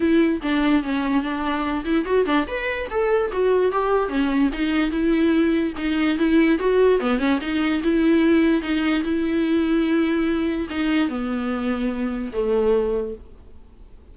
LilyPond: \new Staff \with { instrumentName = "viola" } { \time 4/4 \tempo 4 = 146 e'4 d'4 cis'4 d'4~ | d'8 e'8 fis'8 d'8 b'4 a'4 | fis'4 g'4 cis'4 dis'4 | e'2 dis'4 e'4 |
fis'4 b8 cis'8 dis'4 e'4~ | e'4 dis'4 e'2~ | e'2 dis'4 b4~ | b2 a2 | }